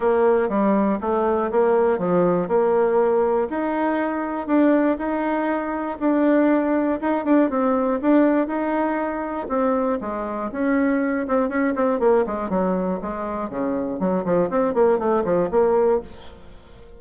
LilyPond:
\new Staff \with { instrumentName = "bassoon" } { \time 4/4 \tempo 4 = 120 ais4 g4 a4 ais4 | f4 ais2 dis'4~ | dis'4 d'4 dis'2 | d'2 dis'8 d'8 c'4 |
d'4 dis'2 c'4 | gis4 cis'4. c'8 cis'8 c'8 | ais8 gis8 fis4 gis4 cis4 | fis8 f8 c'8 ais8 a8 f8 ais4 | }